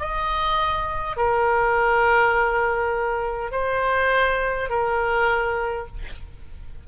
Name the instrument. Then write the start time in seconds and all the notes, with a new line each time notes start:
oboe
0.00 D#5
1.17 A#4
3.52 C5
4.70 A#4